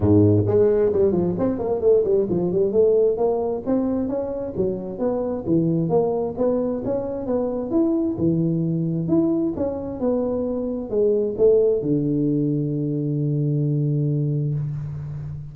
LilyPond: \new Staff \with { instrumentName = "tuba" } { \time 4/4 \tempo 4 = 132 gis,4 gis4 g8 f8 c'8 ais8 | a8 g8 f8 g8 a4 ais4 | c'4 cis'4 fis4 b4 | e4 ais4 b4 cis'4 |
b4 e'4 e2 | e'4 cis'4 b2 | gis4 a4 d2~ | d1 | }